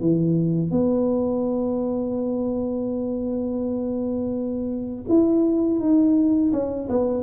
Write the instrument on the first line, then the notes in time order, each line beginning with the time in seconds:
tuba
0.00 E3
0.71 B3
5.09 E4
5.80 D#4
6.52 C#4
6.89 B3